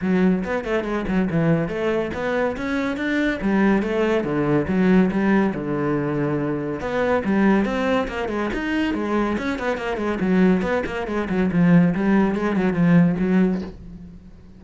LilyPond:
\new Staff \with { instrumentName = "cello" } { \time 4/4 \tempo 4 = 141 fis4 b8 a8 gis8 fis8 e4 | a4 b4 cis'4 d'4 | g4 a4 d4 fis4 | g4 d2. |
b4 g4 c'4 ais8 gis8 | dis'4 gis4 cis'8 b8 ais8 gis8 | fis4 b8 ais8 gis8 fis8 f4 | g4 gis8 fis8 f4 fis4 | }